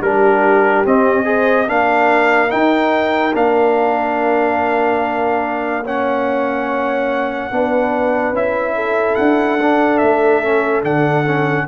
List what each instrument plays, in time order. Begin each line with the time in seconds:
0.00 tuba G3, trombone D4, horn G4, trumpet A#4
0.85 trombone C4, tuba C4, trumpet D#5
1.24 trombone G#4, horn C5
1.67 tuba A#3, trombone D4, horn A#4, trumpet F5
2.48 trombone D#4, tuba D#4, trumpet G5
3.34 tuba A#3, trombone D4, trumpet F5
5.82 trombone C#4, horn C#5, trumpet F#5
7.51 tuba B3, trombone D4, horn B4
8.32 tuba C#4, trombone E4, trumpet E5
8.75 horn A4
9.15 tuba D4, trumpet F#5
9.61 trombone D4
9.97 tuba A3, trumpet E5
10.43 trombone C#4
10.82 tuba D3, trombone D4, trumpet F#5
11.25 trombone C#4